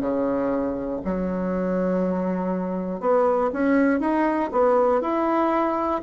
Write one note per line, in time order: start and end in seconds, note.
0.00 1.00 C#3
1.05 3.00 F#3
3.00 3.50 B3
3.52 4.00 C#4
4.00 4.50 D#4
4.52 5.01 B3
5.01 6.01 E4